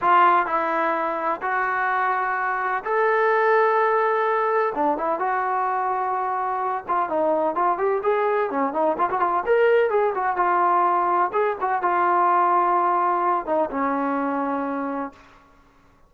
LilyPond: \new Staff \with { instrumentName = "trombone" } { \time 4/4 \tempo 4 = 127 f'4 e'2 fis'4~ | fis'2 a'2~ | a'2 d'8 e'8 fis'4~ | fis'2~ fis'8 f'8 dis'4 |
f'8 g'8 gis'4 cis'8 dis'8 f'16 fis'16 f'8 | ais'4 gis'8 fis'8 f'2 | gis'8 fis'8 f'2.~ | f'8 dis'8 cis'2. | }